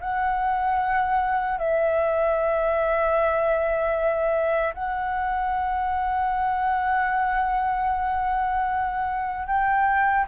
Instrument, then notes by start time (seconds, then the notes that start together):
flute
0.00 F#5
1.58 E5
4.74 F#5
9.47 G5